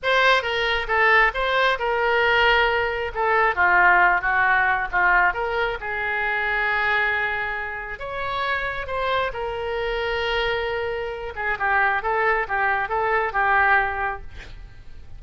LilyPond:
\new Staff \with { instrumentName = "oboe" } { \time 4/4 \tempo 4 = 135 c''4 ais'4 a'4 c''4 | ais'2. a'4 | f'4. fis'4. f'4 | ais'4 gis'2.~ |
gis'2 cis''2 | c''4 ais'2.~ | ais'4. gis'8 g'4 a'4 | g'4 a'4 g'2 | }